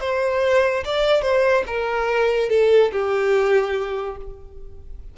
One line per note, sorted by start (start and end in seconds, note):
0.00 0.83 C5
0.84 1.22 D5
1.22 1.64 C5
1.66 2.49 A#4
2.49 2.91 A4
2.92 4.17 G4